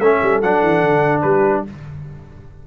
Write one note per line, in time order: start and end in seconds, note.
0.00 0.20 A3
0.00 0.44 C#4
0.00 1.24 A4
0.00 0.41 E5
0.23 0.43 G3
0.43 0.63 F#3
0.43 1.67 D4
0.43 1.22 F#5
0.63 0.83 E3
0.83 1.24 D3
1.22 1.65 G3
1.22 1.65 G4
1.22 1.63 B4